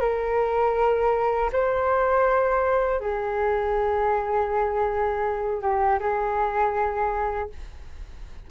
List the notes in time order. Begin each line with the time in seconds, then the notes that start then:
0.00 A#4
1.52 C5
3.00 G#4
5.61 G4
5.99 G#4